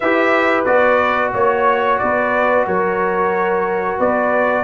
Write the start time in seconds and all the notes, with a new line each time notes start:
0.00 E4 G4 B4 E5
0.65 B3 F#4 D5
1.33 A#3 C#5
1.98 B3 B4 D5
2.66 F#3 A#4 C#5
3.98 B3 B4 D5